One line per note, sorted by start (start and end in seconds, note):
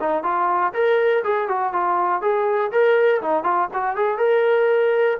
0.00 0.23 D#4
0.23 0.73 F4
0.74 1.23 A#4
1.24 1.48 G#4
1.48 1.73 F#4
1.73 2.22 F4
2.22 2.71 G#4
2.71 3.21 A#4
3.21 3.44 D#4
3.44 3.69 F4
3.74 3.96 F#4
3.96 4.18 G#4
4.18 5.17 A#4